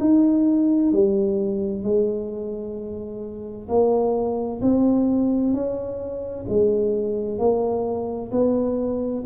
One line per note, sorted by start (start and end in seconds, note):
0.00 0.92 D#4
0.92 1.83 G3
1.83 3.68 G#3
3.68 4.61 A#3
4.62 5.53 C4
5.53 6.46 C#4
6.49 7.39 G#3
7.39 8.31 A#3
8.32 9.24 B3